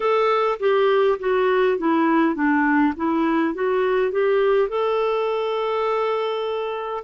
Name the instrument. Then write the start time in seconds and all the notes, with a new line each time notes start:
clarinet
0.00 A4
0.59 G4
1.19 F#4
1.78 E4
2.35 D4
2.96 E4
3.54 F#4
4.11 G4
4.68 A4